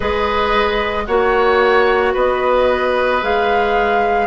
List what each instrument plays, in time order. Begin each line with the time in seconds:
0.00 bassoon G#3, clarinet G#4, oboe B4, flute D#5
1.06 bassoon A#3, clarinet F#4, oboe C#5, flute F#5
2.13 bassoon B3, oboe B4, flute D#5
3.21 bassoon G#3, clarinet G#4, flute F5